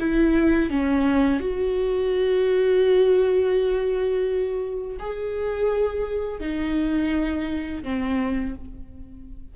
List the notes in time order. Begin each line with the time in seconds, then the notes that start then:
0.00 E4
0.70 C#4
1.40 F#4
4.99 G#4
6.41 D#4
7.84 C4